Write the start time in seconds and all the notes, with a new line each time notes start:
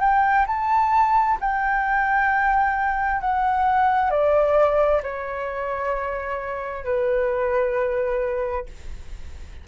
0.00 G5
0.47 A5
1.41 G5
3.21 F#5
4.11 D5
5.03 C#5
6.84 B4